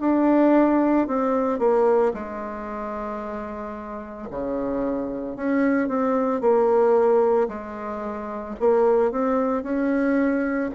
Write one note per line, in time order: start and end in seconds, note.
0.00 1.07 D4
1.07 1.59 C4
1.59 2.13 A#3
2.14 4.28 G#3
4.31 5.36 C#3
5.36 5.88 C#4
5.88 6.41 C4
6.41 7.48 A#3
7.48 8.55 G#3
8.60 9.11 A#3
9.11 9.63 C4
9.63 10.70 C#4